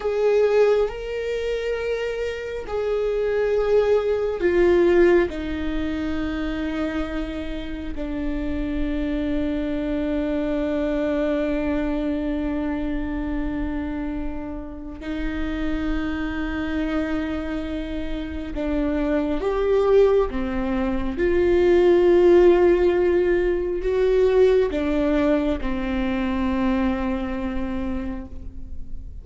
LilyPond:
\new Staff \with { instrumentName = "viola" } { \time 4/4 \tempo 4 = 68 gis'4 ais'2 gis'4~ | gis'4 f'4 dis'2~ | dis'4 d'2.~ | d'1~ |
d'4 dis'2.~ | dis'4 d'4 g'4 c'4 | f'2. fis'4 | d'4 c'2. | }